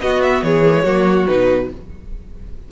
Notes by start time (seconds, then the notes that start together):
0.00 B3 F#4 D#5
0.22 E5
0.42 E3 G#4 C#5
0.65 A#3
0.74 G#3
0.82 F#3 A#3 F#4
1.26 B2 D#4 B4